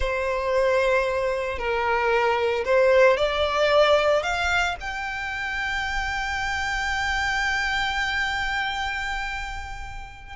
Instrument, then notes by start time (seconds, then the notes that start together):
violin
0.00 C5
1.58 A#4
2.65 C5
3.17 D5
4.22 F5
4.80 G5